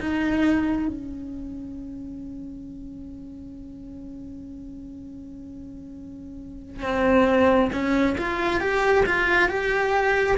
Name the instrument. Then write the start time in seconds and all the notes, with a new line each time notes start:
cello
0.00 D#4
0.88 C#4
6.83 C4
7.72 C#4
8.18 F4
8.60 G4
9.06 F4
9.49 G4